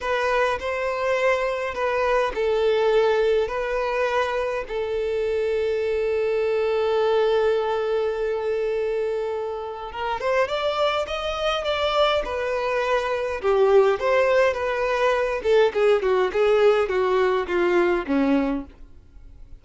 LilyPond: \new Staff \with { instrumentName = "violin" } { \time 4/4 \tempo 4 = 103 b'4 c''2 b'4 | a'2 b'2 | a'1~ | a'1~ |
a'4 ais'8 c''8 d''4 dis''4 | d''4 b'2 g'4 | c''4 b'4. a'8 gis'8 fis'8 | gis'4 fis'4 f'4 cis'4 | }